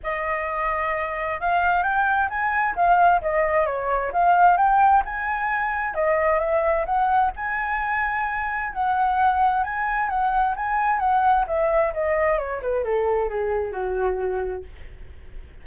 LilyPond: \new Staff \with { instrumentName = "flute" } { \time 4/4 \tempo 4 = 131 dis''2. f''4 | g''4 gis''4 f''4 dis''4 | cis''4 f''4 g''4 gis''4~ | gis''4 dis''4 e''4 fis''4 |
gis''2. fis''4~ | fis''4 gis''4 fis''4 gis''4 | fis''4 e''4 dis''4 cis''8 b'8 | a'4 gis'4 fis'2 | }